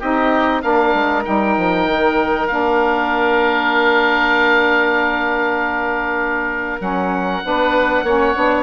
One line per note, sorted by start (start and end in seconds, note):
0.00 0.64 C4
0.00 0.62 D#4
0.00 0.62 G4
0.00 0.62 D#5
0.62 0.94 A#3
0.62 1.24 D4
0.62 7.44 A#4
0.62 1.24 F5
0.94 1.25 G#3
1.24 1.58 G3
1.24 2.48 D#4
1.24 2.48 G5
1.58 1.87 F3
1.87 2.49 D#3
2.48 6.80 A#3
2.48 6.80 D4
2.48 6.81 F5
6.80 7.42 F#3
6.80 7.42 C#4
6.80 8.64 F#5
7.43 8.03 B3
7.43 8.05 D4
7.43 8.05 B4
8.03 8.34 A#3
8.03 8.36 C#4
8.03 8.64 C#5
8.36 8.64 B3
8.36 8.64 D4